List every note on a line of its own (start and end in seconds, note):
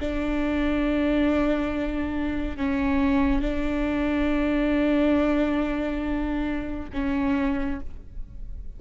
0.00 2.57 D4
2.57 3.42 C#4
3.42 6.90 D4
6.93 7.80 C#4